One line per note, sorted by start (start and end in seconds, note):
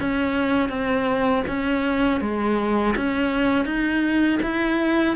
0.00 0.69 C#4
0.69 1.43 C4
1.47 2.21 C#4
2.21 2.95 G#3
2.96 3.65 C#4
3.65 4.39 D#4
4.42 5.16 E4